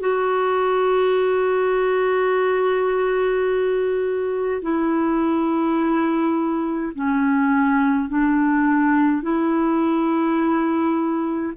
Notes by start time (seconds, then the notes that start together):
0.00 F#4
4.62 E4
6.95 C#4
8.09 D4
9.23 E4